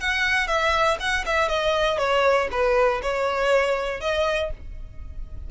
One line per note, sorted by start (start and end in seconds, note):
0.00 0.47 F#5
0.47 0.97 E5
1.00 1.25 F#5
1.26 1.49 E5
1.49 1.98 D#5
1.98 2.48 C#5
2.51 3.01 B4
3.02 4.01 C#5
4.01 4.51 D#5